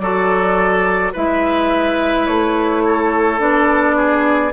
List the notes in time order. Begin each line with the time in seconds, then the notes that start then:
0.00 F#3 F#4 A4 D5
1.13 G#3 E4 B4 E5
2.26 A3 C#5
2.87 A4
3.39 B3 D4 D5
3.97 G#4